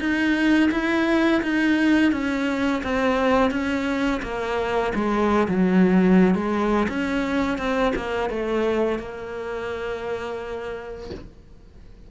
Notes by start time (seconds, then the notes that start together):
0.00 D#4
0.72 E4
1.43 D#4
2.12 C#4
2.84 C4
3.51 C#4
4.23 A#3
4.95 G#3
5.48 F#3
6.35 G#3
6.90 C#4
7.59 C4
7.96 A#3
8.30 A3
8.99 A#3